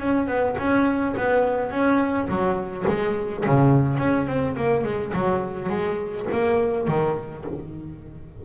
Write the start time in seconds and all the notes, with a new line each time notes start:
0.00 C#4
0.27 B3
0.58 C#4
1.17 B3
1.71 C#4
2.28 F#3
2.88 G#3
3.46 C#3
3.99 C#4
4.27 C4
4.56 A#3
4.84 G#3
5.14 F#3
5.69 G#3
6.32 A#3
6.88 D#3